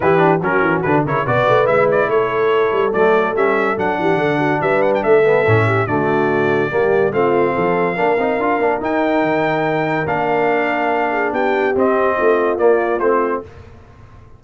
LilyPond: <<
  \new Staff \with { instrumentName = "trumpet" } { \time 4/4 \tempo 4 = 143 b'4 ais'4 b'8 cis''8 d''4 | e''8 d''8 cis''2 d''4 | e''4 fis''2 e''8 fis''16 g''16 | e''2 d''2~ |
d''4 f''2.~ | f''4 g''2. | f''2. g''4 | dis''2 d''4 c''4 | }
  \new Staff \with { instrumentName = "horn" } { \time 4/4 g'4 fis'4. ais'8 b'4~ | b'4 a'2.~ | a'4. g'8 a'8 fis'8 b'4 | a'4. g'8 fis'2 |
g'4 f'4 a'4 ais'4~ | ais'1~ | ais'2~ ais'8 gis'8 g'4~ | g'4 f'2. | }
  \new Staff \with { instrumentName = "trombone" } { \time 4/4 e'8 d'8 cis'4 d'8 e'8 fis'4 | e'2. a4 | cis'4 d'2.~ | d'8 b8 cis'4 a2 |
ais4 c'2 d'8 dis'8 | f'8 d'8 dis'2. | d'1 | c'2 ais4 c'4 | }
  \new Staff \with { instrumentName = "tuba" } { \time 4/4 e4 fis8 e8 d8 cis8 b,8 a8 | gis4 a4. g8 fis4 | g4 fis8 e8 d4 g4 | a4 a,4 d2 |
g4 a4 f4 ais8 c'8 | d'8 ais8 dis'4 dis2 | ais2. b4 | c'4 a4 ais4 a4 | }
>>